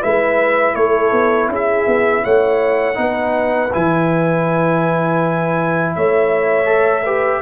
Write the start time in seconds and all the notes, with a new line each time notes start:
0.00 G#3 E4 B4 E5
0.74 A3 A4 C#5
1.11 B3
1.48 C#4 G#4
1.55 E5
1.87 B3
2.23 A3 C#5 F#5
2.94 B3 D#4 B4
3.73 E3 E4 G#5
5.95 A3 C#5 E5
6.65 A4
7.03 G4 B4